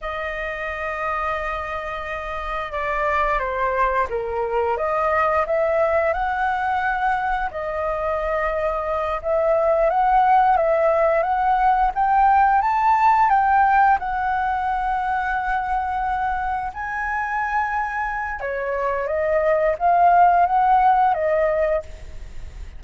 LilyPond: \new Staff \with { instrumentName = "flute" } { \time 4/4 \tempo 4 = 88 dis''1 | d''4 c''4 ais'4 dis''4 | e''4 fis''2 dis''4~ | dis''4. e''4 fis''4 e''8~ |
e''8 fis''4 g''4 a''4 g''8~ | g''8 fis''2.~ fis''8~ | fis''8 gis''2~ gis''8 cis''4 | dis''4 f''4 fis''4 dis''4 | }